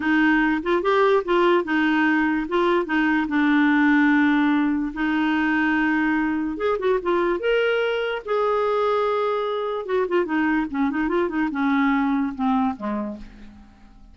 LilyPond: \new Staff \with { instrumentName = "clarinet" } { \time 4/4 \tempo 4 = 146 dis'4. f'8 g'4 f'4 | dis'2 f'4 dis'4 | d'1 | dis'1 |
gis'8 fis'8 f'4 ais'2 | gis'1 | fis'8 f'8 dis'4 cis'8 dis'8 f'8 dis'8 | cis'2 c'4 gis4 | }